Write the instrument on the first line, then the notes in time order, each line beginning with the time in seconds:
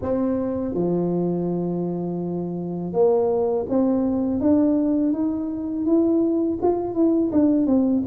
tuba
0.02 C4
0.74 F3
2.92 A#3
3.69 C4
4.40 D4
5.12 D#4
5.85 E4
6.62 F4
6.94 E4
7.32 D4
7.66 C4